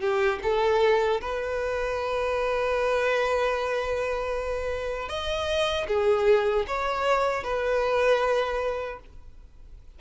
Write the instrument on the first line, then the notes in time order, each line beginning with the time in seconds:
violin
0.00 G4
0.43 A4
1.21 B4
5.09 D#5
5.88 G#4
6.67 C#5
7.44 B4